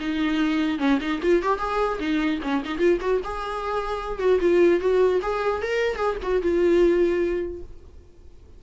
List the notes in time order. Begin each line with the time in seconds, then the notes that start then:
0.00 D#4
0.79 C#4
1.01 D#4
1.23 F4
1.43 G4
1.59 G#4
2.00 D#4
2.43 C#4
2.65 D#4
2.79 F4
3.01 F#4
3.24 G#4
4.19 F#4
4.41 F4
4.81 F#4
5.22 G#4
5.62 A#4
5.96 G#4
6.23 F#4
6.42 F4